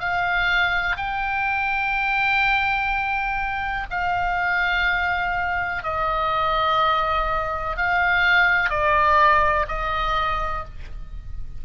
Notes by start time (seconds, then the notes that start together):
0.00 F5
0.97 G5
3.91 F5
5.83 D#5
7.77 F5
8.70 D5
9.69 D#5